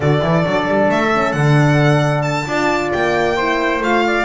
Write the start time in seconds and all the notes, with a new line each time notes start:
0.00 D3 F#4 A4 D5
0.22 E3 E4
0.44 F#3 D4
0.67 G3
0.88 A3 E5
1.14 C#4
1.32 D3 D4 F#5
2.21 A5
2.46 D4 F4 D5
2.92 A#3 G5
3.36 E4 C5
3.79 A3 F4 F5
4.06 D5